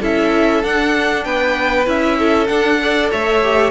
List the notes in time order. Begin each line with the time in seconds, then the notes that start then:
0.00 C#4 E4 A4 E5
0.63 D4 F#5
1.24 B3 B4 G5
1.85 C#4 E4 E5
2.19 A4
2.47 D4 F#5
2.80 A4 D5
3.11 A3 C#5 E5
3.42 G4